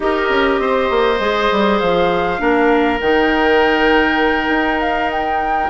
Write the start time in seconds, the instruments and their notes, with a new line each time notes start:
0.00 bassoon D#4, clarinet G4, oboe A#4, flute D#5
0.29 bassoon C#4
0.59 bassoon C4, oboe C5
0.90 bassoon A#3
1.19 bassoon G#3, clarinet G#4
1.51 bassoon G3
1.79 bassoon F3, flute F5
2.38 bassoon A#3, clarinet D4, oboe A#4
3.00 bassoon D#3, clarinet D#4, flute G5
4.49 bassoon D#4
4.80 flute F5
5.11 flute G5